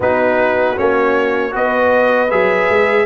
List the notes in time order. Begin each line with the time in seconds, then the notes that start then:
0.00 B3 D#4 F#4 B4
0.76 A#3 C#4 C#5
1.51 B3 F#4 B4 D#5
2.30 F#3 G#4 E5
2.69 G#3